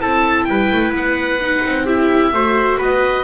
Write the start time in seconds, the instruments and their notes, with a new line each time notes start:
0.00 double bass C4, viola E4, trumpet A4, oboe A5
0.45 double bass G3, trumpet B4, oboe G5
0.72 double bass A3
0.92 double bass B3, oboe F#5
1.41 viola D#4
1.65 double bass C4
1.85 viola E4, trumpet G4, oboe E5
2.33 double bass A3, viola F#4, trumpet C5
2.78 double bass B3, trumpet B4, oboe D#5